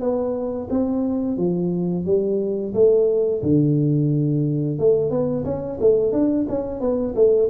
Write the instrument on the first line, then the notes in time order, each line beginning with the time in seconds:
tuba
0.00 B3
0.70 C4
1.37 F3
2.05 G3
2.74 A3
3.42 D3
4.79 A3
5.10 B3
5.45 C#4
5.81 A3
6.12 D4
6.49 C#4
6.80 B3
7.15 A3